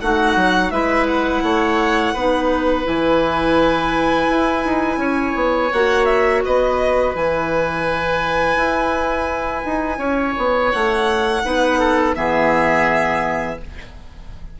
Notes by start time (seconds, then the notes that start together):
0.00 A3 D#4 F#4 F#5
0.36 F#3
0.71 G#3 E4 B4 E5
1.08 F#5
1.42 A3 C#5
2.14 B3 D#4 B4
2.84 E3 E4 G#5
4.29 E4
4.65 D#4
4.97 C#4 C#5
5.35 B3
5.72 A#3 F#4 F#5
6.05 E5
6.45 B3 B4 D#5
7.15 E3 E4 G#5
8.56 E4
9.65 D#4
9.98 C#4 C#5
10.38 B3
10.71 A3 F#5
11.43 B3 D#4 B4
11.79 A4
12.14 E3 B3 G#4 E5